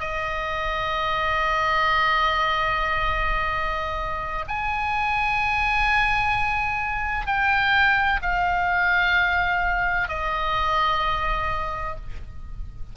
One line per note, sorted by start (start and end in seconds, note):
0.00 4.45 D#5
4.48 7.27 G#5
7.27 8.20 G5
8.22 10.09 F5
10.09 11.96 D#5